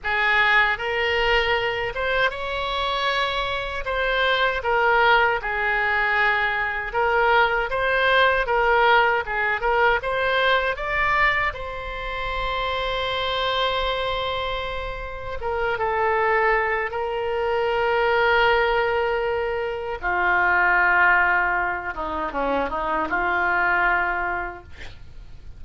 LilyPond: \new Staff \with { instrumentName = "oboe" } { \time 4/4 \tempo 4 = 78 gis'4 ais'4. c''8 cis''4~ | cis''4 c''4 ais'4 gis'4~ | gis'4 ais'4 c''4 ais'4 | gis'8 ais'8 c''4 d''4 c''4~ |
c''1 | ais'8 a'4. ais'2~ | ais'2 f'2~ | f'8 dis'8 cis'8 dis'8 f'2 | }